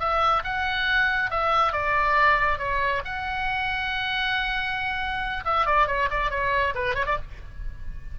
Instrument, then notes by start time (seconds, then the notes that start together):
oboe
0.00 E5
0.44 F#5
1.31 E5
1.73 D5
2.59 C#5
3.05 F#5
5.45 E5
5.66 D5
5.88 C#5
6.11 D5
6.31 C#5
6.75 B4
6.95 C#5
7.07 D5